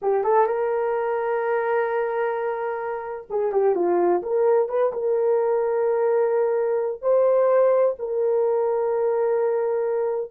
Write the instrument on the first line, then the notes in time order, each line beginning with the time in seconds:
horn
0.02 G4
0.24 A4
0.46 A#4
3.29 G#4
3.52 G4
3.75 F4
4.22 A#4
4.69 B4
4.92 A#4
7.01 C5
7.98 A#4